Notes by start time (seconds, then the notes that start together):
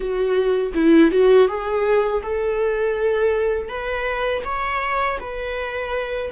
0.00 F#4
0.74 E4
1.11 F#4
1.48 G#4
2.22 A4
3.68 B4
4.44 C#5
5.20 B4